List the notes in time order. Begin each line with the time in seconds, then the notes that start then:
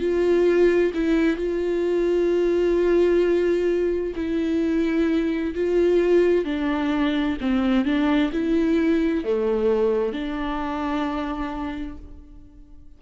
0.00 F4
0.94 E4
1.37 F4
4.16 E4
5.54 F4
6.45 D4
7.41 C4
7.85 D4
8.33 E4
9.24 A3
10.13 D4